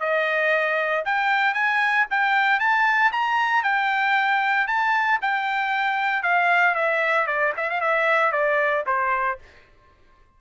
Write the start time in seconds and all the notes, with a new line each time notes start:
0.00 D#5
1.05 G5
1.54 G#5
2.10 G5
2.60 A5
3.12 A#5
3.63 G5
4.67 A5
5.22 G5
6.23 F5
6.75 E5
7.27 D5
7.57 E5
7.70 F5
7.81 E5
8.32 D5
8.86 C5